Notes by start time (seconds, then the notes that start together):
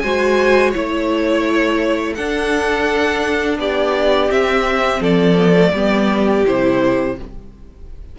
0.00 G#3 F#4 C5 G#5
0.71 A3 E4 C#5
2.15 D4 A4 F#5
3.58 B3 G4 D5
4.29 C4 E5
5.01 F3 A4 D5
5.37 B3
5.55 A3
5.73 G3 B3 G4
6.46 C3 E4 C5